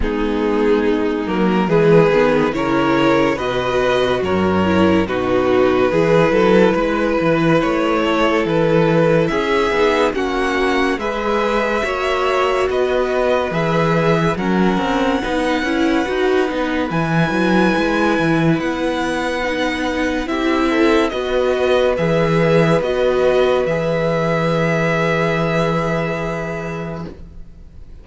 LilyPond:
<<
  \new Staff \with { instrumentName = "violin" } { \time 4/4 \tempo 4 = 71 gis'4. ais'8 b'4 cis''4 | dis''4 cis''4 b'2~ | b'4 cis''4 b'4 e''4 | fis''4 e''2 dis''4 |
e''4 fis''2. | gis''2 fis''2 | e''4 dis''4 e''4 dis''4 | e''1 | }
  \new Staff \with { instrumentName = "violin" } { \time 4/4 dis'2 gis'4 ais'4 | b'4 ais'4 fis'4 gis'8 a'8 | b'4. a'4. gis'4 | fis'4 b'4 cis''4 b'4~ |
b'4 ais'4 b'2~ | b'1 | g'8 a'8 b'2.~ | b'1 | }
  \new Staff \with { instrumentName = "viola" } { \time 4/4 b4. ais8 gis8 b8 e'4 | fis'4. e'8 dis'4 e'4~ | e'2.~ e'8 dis'8 | cis'4 gis'4 fis'2 |
gis'4 cis'4 dis'8 e'8 fis'8 dis'8 | e'2. dis'4 | e'4 fis'4 gis'4 fis'4 | gis'1 | }
  \new Staff \with { instrumentName = "cello" } { \time 4/4 gis4. fis8 e8 dis8 cis4 | b,4 fis,4 b,4 e8 fis8 | gis8 e8 a4 e4 cis'8 b8 | ais4 gis4 ais4 b4 |
e4 fis8 c'8 b8 cis'8 dis'8 b8 | e8 fis8 gis8 e8 b2 | c'4 b4 e4 b4 | e1 | }
>>